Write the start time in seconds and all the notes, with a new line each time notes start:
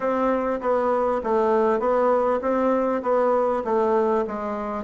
0.00 C4
0.60 B3
1.23 A3
1.79 B3
2.41 C4
3.02 B3
3.64 A3
4.27 G#3